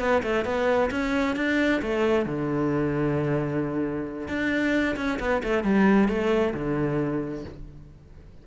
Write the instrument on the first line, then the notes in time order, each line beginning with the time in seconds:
cello
0.00 B3
0.23 A3
0.45 B3
0.91 C#4
1.36 D4
1.82 A3
2.26 D3
4.28 D4
4.97 C#4
5.20 B3
5.44 A3
5.64 G3
6.09 A3
6.55 D3